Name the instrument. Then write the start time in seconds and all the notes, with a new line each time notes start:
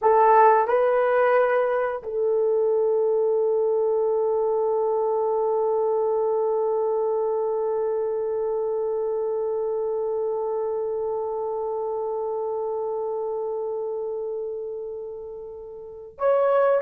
horn
0.01 A4
0.67 B4
2.02 A4
16.18 C#5